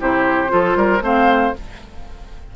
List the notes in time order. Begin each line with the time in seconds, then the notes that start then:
0.00 C3 E4 G4 C5
0.49 F3 F4 A4
0.76 G3 A#4
1.01 A3 C4 C5 F5